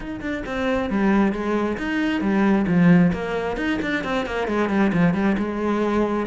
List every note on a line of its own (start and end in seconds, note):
0.00 0.20 D#4
0.20 0.43 D4
0.45 0.90 C4
0.90 1.32 G3
1.32 1.77 G#3
1.77 2.21 D#4
2.21 2.65 G3
2.67 3.11 F3
3.12 3.56 A#3
3.56 3.79 D#4
3.82 4.04 D4
4.04 4.26 C4
4.26 4.47 A#3
4.47 4.69 G#3
4.69 4.91 G3
4.92 5.14 F3
5.14 5.36 G3
5.37 6.26 G#3